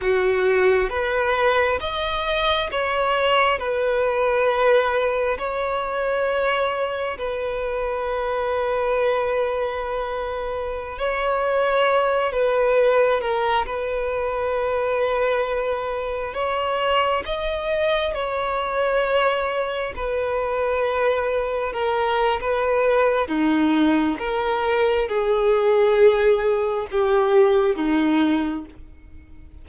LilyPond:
\new Staff \with { instrumentName = "violin" } { \time 4/4 \tempo 4 = 67 fis'4 b'4 dis''4 cis''4 | b'2 cis''2 | b'1~ | b'16 cis''4. b'4 ais'8 b'8.~ |
b'2~ b'16 cis''4 dis''8.~ | dis''16 cis''2 b'4.~ b'16~ | b'16 ais'8. b'4 dis'4 ais'4 | gis'2 g'4 dis'4 | }